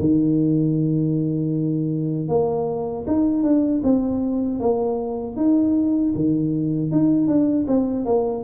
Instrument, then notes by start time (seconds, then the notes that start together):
tuba
0.00 D#3
2.29 A#3
3.07 D#4
3.43 D4
3.84 C4
4.60 A#3
5.37 D#4
6.15 D#3
6.92 D#4
7.28 D4
7.68 C4
8.06 A#3